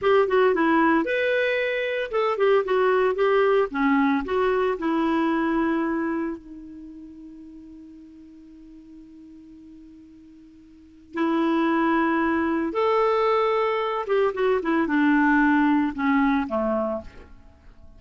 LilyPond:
\new Staff \with { instrumentName = "clarinet" } { \time 4/4 \tempo 4 = 113 g'8 fis'8 e'4 b'2 | a'8 g'8 fis'4 g'4 cis'4 | fis'4 e'2. | dis'1~ |
dis'1~ | dis'4 e'2. | a'2~ a'8 g'8 fis'8 e'8 | d'2 cis'4 a4 | }